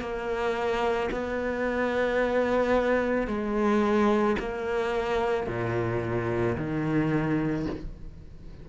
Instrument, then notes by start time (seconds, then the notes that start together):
cello
0.00 A#3
1.11 B3
3.27 G#3
4.39 A#3
5.47 A#2
6.57 D#3